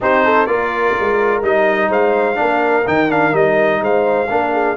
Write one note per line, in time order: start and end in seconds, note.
0.00 0.46 C4
0.00 0.47 D#4
0.00 0.24 G4
0.00 0.46 C5
0.24 0.47 A4
0.46 0.94 A#3
0.46 1.42 F4
0.46 1.89 A#4
0.46 1.41 D5
0.99 1.42 G#3
1.42 1.89 G3
1.42 2.35 D#4
1.42 1.90 D#5
1.89 2.36 G#3
1.89 2.36 C5
1.89 2.87 F5
2.35 2.87 A#3
2.35 2.82 D4
2.35 3.81 A#4
2.86 3.33 D#3
2.86 3.09 D#4
2.86 3.11 G5
3.09 3.31 D4
3.09 3.35 F5
3.31 3.80 G3
3.31 4.26 D#4
3.31 3.82 D#5
3.81 4.28 G#3
3.81 4.29 C5
3.81 4.76 F5
4.29 4.76 A#3
4.29 4.76 D4
4.29 4.53 A#4
4.53 4.76 G#4